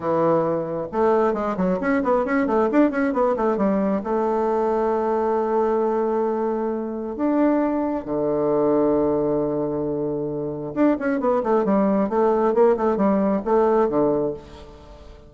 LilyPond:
\new Staff \with { instrumentName = "bassoon" } { \time 4/4 \tempo 4 = 134 e2 a4 gis8 fis8 | cis'8 b8 cis'8 a8 d'8 cis'8 b8 a8 | g4 a2.~ | a1 |
d'2 d2~ | d1 | d'8 cis'8 b8 a8 g4 a4 | ais8 a8 g4 a4 d4 | }